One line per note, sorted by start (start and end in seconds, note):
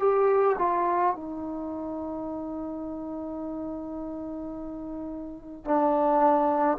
0.00 0.57 G4
0.59 1.15 F4
1.15 5.64 D#4
5.64 6.78 D4